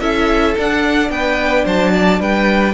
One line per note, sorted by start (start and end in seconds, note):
0.00 0.55 C#4
0.00 0.55 E4
0.00 1.10 A4
0.00 0.55 E5
0.57 2.74 D4
0.57 1.10 D4
0.57 1.10 F#5
1.10 1.64 B3
1.10 1.65 B4
1.10 1.65 G5
1.65 2.20 F#3
1.65 1.92 C5
1.65 2.22 A5
1.93 2.20 D5
2.20 2.74 G3
2.20 2.74 B4
2.20 2.74 G5